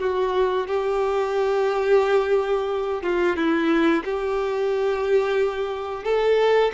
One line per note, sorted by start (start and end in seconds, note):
0.00 0.67 F#4
0.68 3.03 G4
3.03 3.36 F4
3.36 4.04 E4
4.04 6.04 G4
6.04 6.72 A4